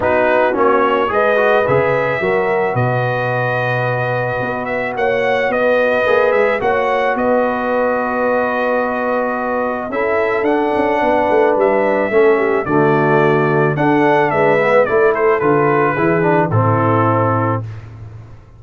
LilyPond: <<
  \new Staff \with { instrumentName = "trumpet" } { \time 4/4 \tempo 4 = 109 b'4 cis''4 dis''4 e''4~ | e''4 dis''2.~ | dis''8 e''8 fis''4 dis''4. e''8 | fis''4 dis''2.~ |
dis''2 e''4 fis''4~ | fis''4 e''2 d''4~ | d''4 fis''4 e''4 d''8 c''8 | b'2 a'2 | }
  \new Staff \with { instrumentName = "horn" } { \time 4/4 fis'2 b'2 | ais'4 b'2.~ | b'4 cis''4 b'2 | cis''4 b'2.~ |
b'2 a'2 | b'2 a'8 g'8 fis'4~ | fis'4 a'4 b'4 a'4~ | a'4 gis'4 e'2 | }
  \new Staff \with { instrumentName = "trombone" } { \time 4/4 dis'4 cis'4 gis'8 fis'8 gis'4 | fis'1~ | fis'2. gis'4 | fis'1~ |
fis'2 e'4 d'4~ | d'2 cis'4 a4~ | a4 d'4. b8 e'4 | f'4 e'8 d'8 c'2 | }
  \new Staff \with { instrumentName = "tuba" } { \time 4/4 b4 ais4 gis4 cis4 | fis4 b,2. | b4 ais4 b4 ais8 gis8 | ais4 b2.~ |
b2 cis'4 d'8 cis'8 | b8 a8 g4 a4 d4~ | d4 d'4 gis4 a4 | d4 e4 a,2 | }
>>